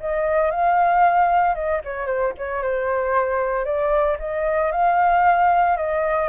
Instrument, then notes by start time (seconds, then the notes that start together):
flute
0.00 D#5
0.51 F5
1.55 D#5
1.85 C#5
2.06 C5
2.38 C#5
2.63 C5
3.65 D5
4.19 D#5
4.72 F5
5.77 D#5